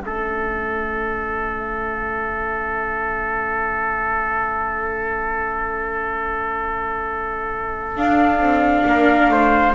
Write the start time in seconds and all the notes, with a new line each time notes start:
0.00 A3 C#4 A4 E5
7.97 D4 F5
8.40 C4
8.85 A#3 A#4
9.29 A3 C5